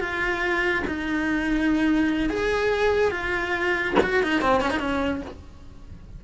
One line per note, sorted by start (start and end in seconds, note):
0.00 0.84 F4
0.87 2.30 D#4
2.30 3.11 G#4
3.11 3.95 F4
4.02 4.23 F#4
4.23 4.42 D#4
4.42 4.61 C4
4.61 4.70 C#4
4.70 4.80 D#4
4.80 5.22 C#4